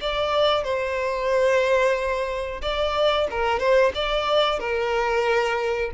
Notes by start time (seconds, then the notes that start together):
0.00 D5
0.63 C5
2.61 D5
3.30 A#4
3.59 C5
3.94 D5
4.59 A#4